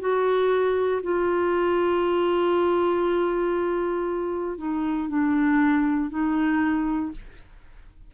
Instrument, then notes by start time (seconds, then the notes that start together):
clarinet
0.00 F#4
1.03 F4
4.58 D#4
5.09 D4
6.10 D#4